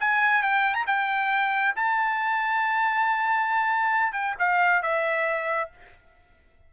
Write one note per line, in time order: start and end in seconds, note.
0.00 0.42 G#5
0.42 0.74 G5
0.74 0.85 A#5
0.86 1.74 G5
1.76 4.12 A5
4.12 4.35 G5
4.39 4.82 F5
4.82 5.70 E5